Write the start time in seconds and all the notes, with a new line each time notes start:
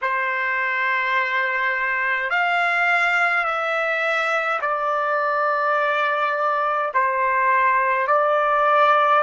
0.01 C5
2.30 F5
3.44 E5
4.61 D5
6.94 C5
8.07 D5